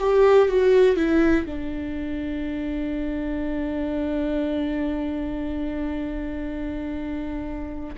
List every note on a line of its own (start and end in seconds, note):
0.00 0.49 G4
0.49 0.97 F#4
0.97 1.46 E4
1.46 7.96 D4